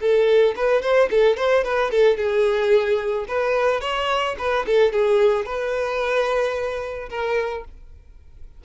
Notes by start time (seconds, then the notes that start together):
0.00 A4
0.56 B4
0.82 C5
1.10 A4
1.37 C5
1.64 B4
1.91 A4
2.17 G#4
3.28 B4
3.81 C#5
4.38 B4
4.66 A4
4.92 G#4
5.45 B4
7.10 A#4